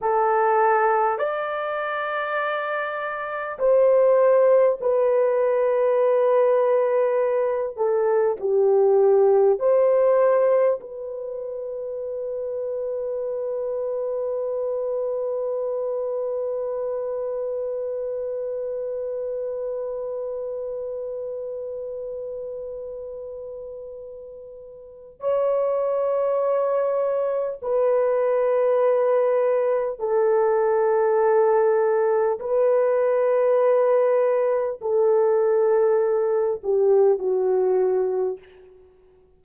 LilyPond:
\new Staff \with { instrumentName = "horn" } { \time 4/4 \tempo 4 = 50 a'4 d''2 c''4 | b'2~ b'8 a'8 g'4 | c''4 b'2.~ | b'1~ |
b'1~ | b'4 cis''2 b'4~ | b'4 a'2 b'4~ | b'4 a'4. g'8 fis'4 | }